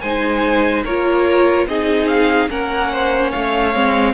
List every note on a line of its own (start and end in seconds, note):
0.00 0.84 G#3
0.00 0.86 D#4
0.00 0.84 C5
0.00 0.82 G#5
0.84 1.66 A#3
0.84 1.68 F4
0.84 1.66 A#4
0.84 1.67 C#5
1.66 2.48 C4
1.66 2.49 D#4
1.66 2.49 G#4
1.66 2.07 D#5
2.07 2.48 F5
2.49 3.32 A#3
2.49 3.72 C#4
2.49 2.91 A#4
2.49 3.32 F#5
2.91 3.30 C5
3.30 3.75 A3
3.30 4.12 C#5
3.30 4.13 F5
3.74 4.13 G#3
3.74 4.13 C4